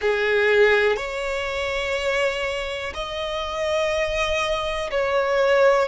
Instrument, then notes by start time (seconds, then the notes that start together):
violin
0.01 G#4
0.96 C#5
2.93 D#5
4.90 C#5